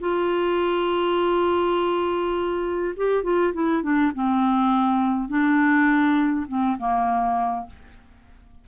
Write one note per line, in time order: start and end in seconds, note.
0.00 2.94 F4
2.97 3.23 G4
3.23 3.53 F4
3.53 3.82 E4
3.82 4.11 D4
4.14 5.29 C4
5.29 6.46 D4
6.48 6.77 C4
6.78 7.66 A#3